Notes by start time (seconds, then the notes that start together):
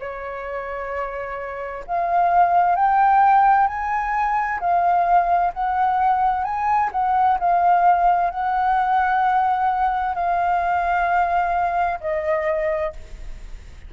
0.00 C#5
1.87 F5
2.76 G5
3.67 G#5
4.60 F5
5.53 F#5
6.44 G#5
6.92 F#5
7.39 F5
8.31 F#5
10.15 F5
12.00 D#5